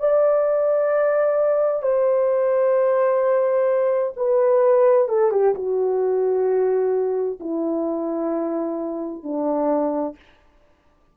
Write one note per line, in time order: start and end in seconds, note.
0.00 1.83 D5
1.83 4.14 C5
4.17 5.09 B4
5.09 5.32 A4
5.32 5.55 G4
5.55 7.40 F#4
7.40 9.23 E4
9.23 10.16 D4